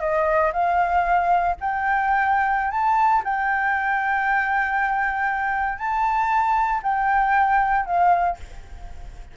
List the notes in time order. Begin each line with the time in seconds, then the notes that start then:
0.00 D#5
0.53 F5
1.60 G5
2.71 A5
3.24 G5
5.78 A5
6.83 G5
7.85 F5